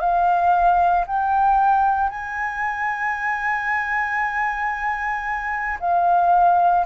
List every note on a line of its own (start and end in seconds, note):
0.00 1.05 F5
1.07 2.10 G5
2.10 5.78 G#5
5.80 6.86 F5